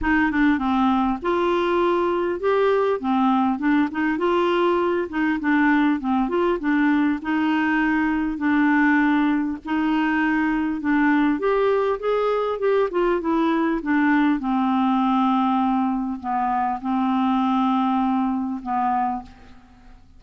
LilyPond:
\new Staff \with { instrumentName = "clarinet" } { \time 4/4 \tempo 4 = 100 dis'8 d'8 c'4 f'2 | g'4 c'4 d'8 dis'8 f'4~ | f'8 dis'8 d'4 c'8 f'8 d'4 | dis'2 d'2 |
dis'2 d'4 g'4 | gis'4 g'8 f'8 e'4 d'4 | c'2. b4 | c'2. b4 | }